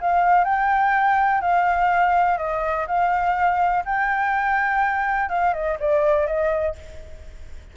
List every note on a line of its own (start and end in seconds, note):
0.00 0.44 F5
0.44 1.41 G5
1.41 2.37 F5
2.37 2.86 D#5
2.87 3.84 F5
3.85 5.29 G5
5.29 5.53 F5
5.53 5.77 D#5
5.79 6.26 D5
6.26 6.75 D#5